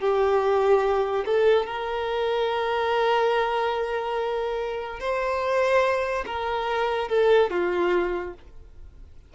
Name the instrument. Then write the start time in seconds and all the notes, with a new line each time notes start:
violin
0.00 G4
1.26 A4
1.67 A#4
5.00 C5
6.27 A#4
7.09 A4
7.51 F4